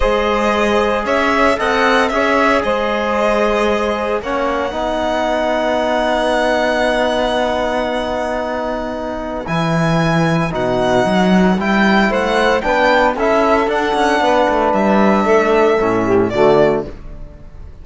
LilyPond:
<<
  \new Staff \with { instrumentName = "violin" } { \time 4/4 \tempo 4 = 114 dis''2 e''4 fis''4 | e''4 dis''2. | fis''1~ | fis''1~ |
fis''2 gis''2 | fis''2 g''4 fis''4 | g''4 e''4 fis''2 | e''2. d''4 | }
  \new Staff \with { instrumentName = "saxophone" } { \time 4/4 c''2 cis''4 dis''4 | cis''4 c''2. | cis''4 b'2.~ | b'1~ |
b'1~ | b'2. c''4 | b'4 a'2 b'4~ | b'4 a'4. g'8 fis'4 | }
  \new Staff \with { instrumentName = "trombone" } { \time 4/4 gis'2. a'4 | gis'1 | cis'4 dis'2.~ | dis'1~ |
dis'2 e'2 | dis'2 e'2 | d'4 e'4 d'2~ | d'2 cis'4 a4 | }
  \new Staff \with { instrumentName = "cello" } { \time 4/4 gis2 cis'4 c'4 | cis'4 gis2. | ais4 b2.~ | b1~ |
b2 e2 | b,4 fis4 g4 a4 | b4 cis'4 d'8 cis'8 b8 a8 | g4 a4 a,4 d4 | }
>>